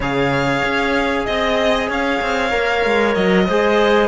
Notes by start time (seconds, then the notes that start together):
0.00 C#3 G#4 C#5 F5
0.63 C#4
1.25 C4 D#5
1.88 C#4 C#5 F5
2.21 C4
2.50 A#3 A#4
2.85 G#3
3.14 F#3 D#5
3.46 G#3 G#4 C5